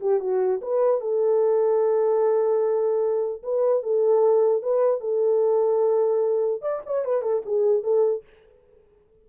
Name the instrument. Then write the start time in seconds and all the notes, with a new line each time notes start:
horn
0.00 G4
0.20 F#4
0.61 B4
1.00 A4
3.42 B4
3.82 A4
4.62 B4
5.00 A4
6.61 D5
6.86 C#5
7.04 B4
7.22 A4
7.45 G#4
7.83 A4